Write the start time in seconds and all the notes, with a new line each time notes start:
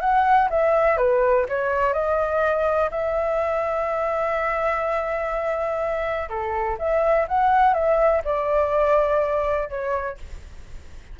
0.00 F#5
0.50 E5
0.97 B4
1.48 C#5
1.93 D#5
2.91 E5
6.29 A4
6.78 E5
7.27 F#5
7.73 E5
8.24 D5
9.69 C#5